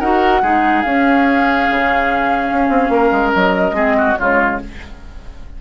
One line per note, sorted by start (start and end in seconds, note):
0.00 0.42 D#4
0.00 0.43 F#4
0.00 0.42 A#4
0.00 0.82 F#5
0.43 0.84 G#3
0.43 0.85 D#4
0.43 2.93 G#4
0.82 1.68 C#4
0.82 3.75 C#4
0.82 3.32 F5
1.70 2.52 C#3
2.52 2.69 C#4
2.69 2.89 C4
2.89 3.10 A#3
2.89 3.76 A#4
3.12 3.33 G#3
3.34 3.72 F#3
3.34 4.17 D#5
3.72 4.13 G#3
3.72 4.16 C4
3.72 3.96 G#4
3.98 4.18 F#4
4.17 4.61 C#3
4.17 4.60 G#3
4.17 4.61 F4
4.17 4.59 C#5